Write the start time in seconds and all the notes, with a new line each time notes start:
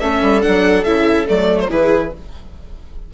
0.00 A3 C#4 A4 E5
0.22 G3
0.42 F#3 D4 F#5
0.84 C#3 E4 E5
1.28 F#3 A3 D5
1.60 C5
1.70 E3 E4 G#4 B4